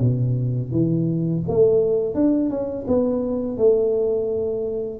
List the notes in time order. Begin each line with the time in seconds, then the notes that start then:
0.00 B2
0.72 E3
1.48 A3
2.15 D4
2.50 C#4
2.87 B3
3.57 A3